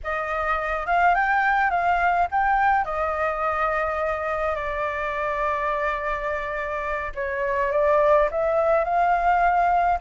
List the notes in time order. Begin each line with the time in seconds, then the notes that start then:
0.03 D#5
0.86 F5
1.14 G5
1.70 F5
2.31 G5
2.84 D#5
4.55 D5
7.14 C#5
7.71 D5
8.31 E5
8.84 F5